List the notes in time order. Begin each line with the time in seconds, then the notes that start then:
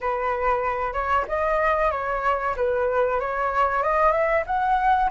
0.00 B4
0.93 C#5
1.28 D#5
1.91 C#5
2.56 B4
3.19 C#5
3.82 D#5
4.11 E5
4.46 F#5